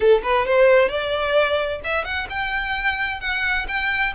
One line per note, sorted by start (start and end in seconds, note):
0.00 0.22 A4
0.22 0.45 B4
0.45 0.88 C5
0.88 1.80 D5
1.83 2.04 E5
2.04 2.27 F#5
2.29 3.20 G5
3.20 3.66 F#5
3.67 4.13 G5